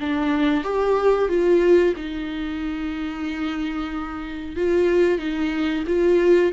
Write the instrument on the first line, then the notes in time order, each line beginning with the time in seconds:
viola
0.00 D4
0.64 G4
1.29 F4
1.96 D#4
4.57 F4
5.19 D#4
5.87 F4